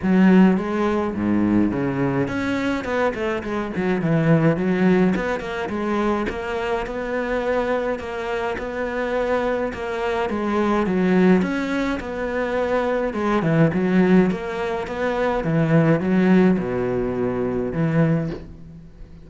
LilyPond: \new Staff \with { instrumentName = "cello" } { \time 4/4 \tempo 4 = 105 fis4 gis4 gis,4 cis4 | cis'4 b8 a8 gis8 fis8 e4 | fis4 b8 ais8 gis4 ais4 | b2 ais4 b4~ |
b4 ais4 gis4 fis4 | cis'4 b2 gis8 e8 | fis4 ais4 b4 e4 | fis4 b,2 e4 | }